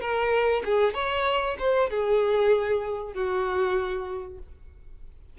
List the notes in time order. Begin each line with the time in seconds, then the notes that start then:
0.00 A#4
0.65 G#4
0.94 C#5
1.59 C5
1.90 G#4
3.13 F#4